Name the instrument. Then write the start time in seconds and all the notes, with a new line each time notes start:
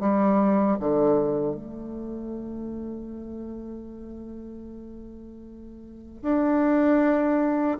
bassoon
0.00 G3
0.80 D3
1.55 A3
6.22 D4